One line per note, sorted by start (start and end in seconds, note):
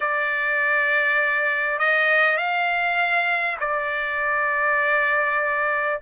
0.00 1.78 D5
1.78 2.37 D#5
2.37 3.57 F5
3.59 5.99 D5